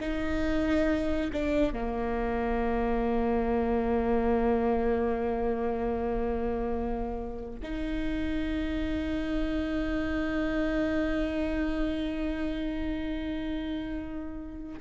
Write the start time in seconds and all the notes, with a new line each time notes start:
0.00 D#4
1.32 D4
1.73 A#3
7.62 D#4